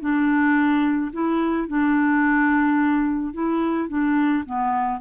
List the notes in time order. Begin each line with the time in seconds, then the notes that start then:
0.00 D4
1.13 E4
1.68 D4
3.33 E4
3.88 D4
4.45 B3